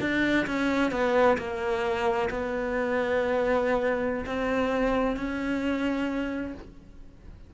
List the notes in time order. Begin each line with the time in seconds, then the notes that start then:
0.00 D4
0.46 C#4
0.91 B3
1.37 A#3
2.30 B3
4.26 C4
5.16 C#4